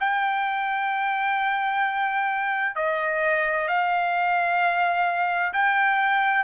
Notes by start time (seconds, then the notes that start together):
0.00 G5
2.75 D#5
3.68 F5
5.53 G5